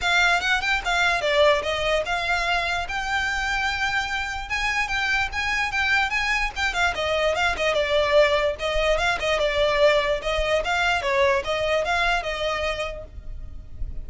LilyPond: \new Staff \with { instrumentName = "violin" } { \time 4/4 \tempo 4 = 147 f''4 fis''8 g''8 f''4 d''4 | dis''4 f''2 g''4~ | g''2. gis''4 | g''4 gis''4 g''4 gis''4 |
g''8 f''8 dis''4 f''8 dis''8 d''4~ | d''4 dis''4 f''8 dis''8 d''4~ | d''4 dis''4 f''4 cis''4 | dis''4 f''4 dis''2 | }